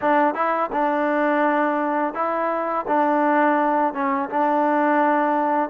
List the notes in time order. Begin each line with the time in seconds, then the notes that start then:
0.01 D4
0.34 E4
0.72 D4
2.14 E4
2.87 D4
3.93 C#4
4.29 D4